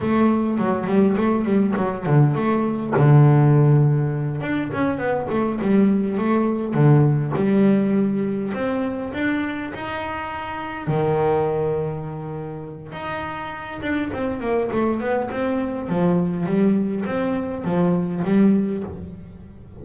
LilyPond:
\new Staff \with { instrumentName = "double bass" } { \time 4/4 \tempo 4 = 102 a4 fis8 g8 a8 g8 fis8 d8 | a4 d2~ d8 d'8 | cis'8 b8 a8 g4 a4 d8~ | d8 g2 c'4 d'8~ |
d'8 dis'2 dis4.~ | dis2 dis'4. d'8 | c'8 ais8 a8 b8 c'4 f4 | g4 c'4 f4 g4 | }